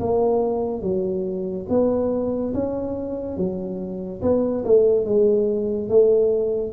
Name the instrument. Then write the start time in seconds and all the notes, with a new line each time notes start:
tuba
0.00 A#3
0.82 F#3
1.69 B3
2.54 C#4
3.37 F#3
4.22 B3
4.65 A3
5.06 G#3
5.90 A3